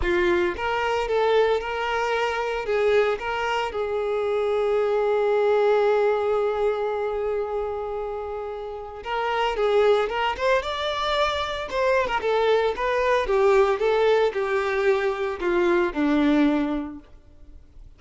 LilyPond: \new Staff \with { instrumentName = "violin" } { \time 4/4 \tempo 4 = 113 f'4 ais'4 a'4 ais'4~ | ais'4 gis'4 ais'4 gis'4~ | gis'1~ | gis'1~ |
gis'4 ais'4 gis'4 ais'8 c''8 | d''2 c''8. ais'16 a'4 | b'4 g'4 a'4 g'4~ | g'4 f'4 d'2 | }